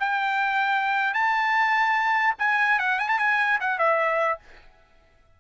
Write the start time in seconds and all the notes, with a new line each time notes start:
0.00 G5
1.14 A5
2.39 G#5
2.79 F#5
2.99 G#5
3.09 A5
3.19 G#5
3.60 F#5
3.79 E5